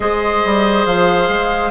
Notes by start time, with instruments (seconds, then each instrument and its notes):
0.00 bassoon G#3, clarinet G#4, oboe C5, flute D#5
0.44 bassoon G3
0.85 bassoon F3, flute F5
1.28 bassoon G#3